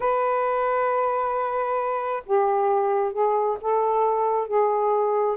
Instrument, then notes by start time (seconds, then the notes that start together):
saxophone
0.00 B4
2.26 G4
3.12 G#4
3.61 A4
4.47 G#4